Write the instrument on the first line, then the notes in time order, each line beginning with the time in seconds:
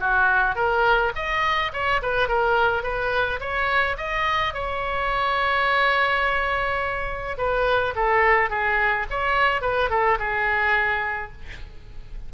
oboe
0.00 F#4
0.56 A#4
1.16 D#5
1.73 C#5
2.02 B4
2.28 A#4
2.83 B4
3.40 C#5
3.97 D#5
4.54 C#5
7.38 B4
7.96 A4
8.50 G#4
9.10 C#5
9.61 B4
9.90 A4
10.19 G#4